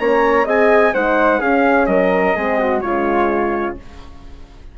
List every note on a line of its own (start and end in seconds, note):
0.00 0.46 A#3
0.00 0.45 C#4
0.00 0.46 C#5
0.00 0.47 A#5
0.45 0.93 C4
0.45 0.93 G#4
0.45 0.93 D#5
0.45 0.95 G#5
0.94 1.41 G#3
0.94 1.42 D#4
0.94 1.39 C5
0.94 1.41 F#5
1.39 1.88 C#4
1.39 2.37 C#4
1.39 1.87 G#4
1.39 1.87 F5
1.87 2.35 F#3
1.87 2.37 A#4
1.87 2.81 D#5
2.37 2.84 G#3
2.37 2.82 C4
2.37 2.59 G#4
2.59 2.83 F#4
2.81 3.78 C#3
2.81 3.76 G#3
2.81 3.78 F4
2.81 3.76 C#5